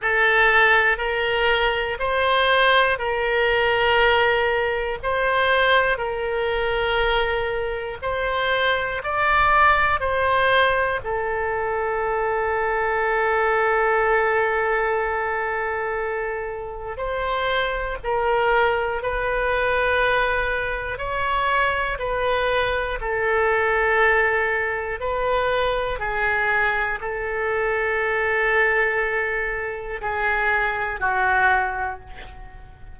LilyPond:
\new Staff \with { instrumentName = "oboe" } { \time 4/4 \tempo 4 = 60 a'4 ais'4 c''4 ais'4~ | ais'4 c''4 ais'2 | c''4 d''4 c''4 a'4~ | a'1~ |
a'4 c''4 ais'4 b'4~ | b'4 cis''4 b'4 a'4~ | a'4 b'4 gis'4 a'4~ | a'2 gis'4 fis'4 | }